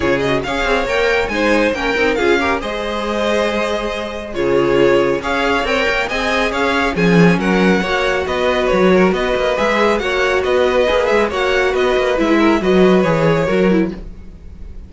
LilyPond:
<<
  \new Staff \with { instrumentName = "violin" } { \time 4/4 \tempo 4 = 138 cis''8 dis''8 f''4 g''4 gis''4 | g''4 f''4 dis''2~ | dis''2 cis''2 | f''4 g''4 gis''4 f''4 |
gis''4 fis''2 dis''4 | cis''4 dis''4 e''4 fis''4 | dis''4. e''8 fis''4 dis''4 | e''4 dis''4 cis''2 | }
  \new Staff \with { instrumentName = "violin" } { \time 4/4 gis'4 cis''2 c''4 | ais'4 gis'8 ais'8 c''2~ | c''2 gis'2 | cis''2 dis''4 cis''4 |
gis'4 ais'4 cis''4 b'4~ | b'8 ais'8 b'2 cis''4 | b'2 cis''4 b'4~ | b'8 ais'8 b'2 ais'4 | }
  \new Staff \with { instrumentName = "viola" } { \time 4/4 f'8 fis'8 gis'4 ais'4 dis'4 | cis'8 dis'8 f'8 g'8 gis'2~ | gis'2 f'2 | gis'4 ais'4 gis'2 |
cis'2 fis'2~ | fis'2 gis'4 fis'4~ | fis'4 gis'4 fis'2 | e'4 fis'4 gis'4 fis'8 e'8 | }
  \new Staff \with { instrumentName = "cello" } { \time 4/4 cis4 cis'8 c'8 ais4 gis4 | ais8 c'8 cis'4 gis2~ | gis2 cis2 | cis'4 c'8 ais8 c'4 cis'4 |
f4 fis4 ais4 b4 | fis4 b8 ais8 gis4 ais4 | b4 ais8 gis8 ais4 b8 ais8 | gis4 fis4 e4 fis4 | }
>>